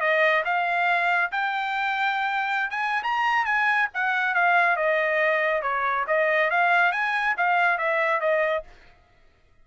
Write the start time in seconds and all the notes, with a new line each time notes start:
0.00 D#5
0.45 F5
1.31 G5
2.70 G#5
3.03 A#5
3.45 G#5
3.94 F#5
4.34 F5
4.76 D#5
5.62 C#5
6.07 D#5
6.50 F5
6.92 G#5
7.37 F5
7.78 E5
8.20 D#5